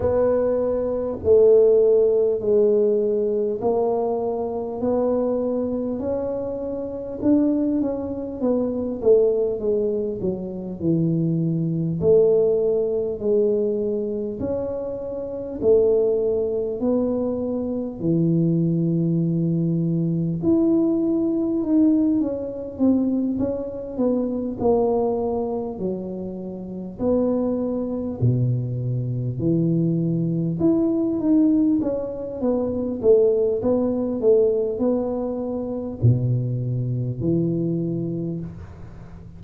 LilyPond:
\new Staff \with { instrumentName = "tuba" } { \time 4/4 \tempo 4 = 50 b4 a4 gis4 ais4 | b4 cis'4 d'8 cis'8 b8 a8 | gis8 fis8 e4 a4 gis4 | cis'4 a4 b4 e4~ |
e4 e'4 dis'8 cis'8 c'8 cis'8 | b8 ais4 fis4 b4 b,8~ | b,8 e4 e'8 dis'8 cis'8 b8 a8 | b8 a8 b4 b,4 e4 | }